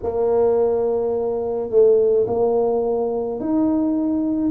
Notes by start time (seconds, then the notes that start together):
0.03 A#3
1.70 A3
2.27 A#3
3.40 D#4